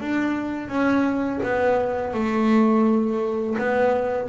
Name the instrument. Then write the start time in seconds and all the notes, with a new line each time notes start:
double bass
0.00 D4
0.68 C#4
1.43 B3
2.14 A3
3.58 B3